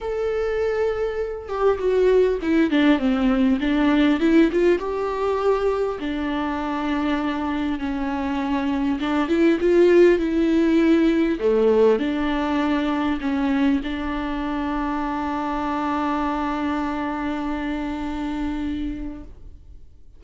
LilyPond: \new Staff \with { instrumentName = "viola" } { \time 4/4 \tempo 4 = 100 a'2~ a'8 g'8 fis'4 | e'8 d'8 c'4 d'4 e'8 f'8 | g'2 d'2~ | d'4 cis'2 d'8 e'8 |
f'4 e'2 a4 | d'2 cis'4 d'4~ | d'1~ | d'1 | }